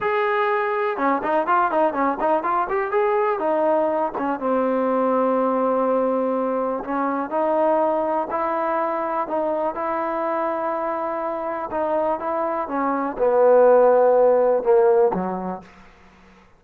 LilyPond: \new Staff \with { instrumentName = "trombone" } { \time 4/4 \tempo 4 = 123 gis'2 cis'8 dis'8 f'8 dis'8 | cis'8 dis'8 f'8 g'8 gis'4 dis'4~ | dis'8 cis'8 c'2.~ | c'2 cis'4 dis'4~ |
dis'4 e'2 dis'4 | e'1 | dis'4 e'4 cis'4 b4~ | b2 ais4 fis4 | }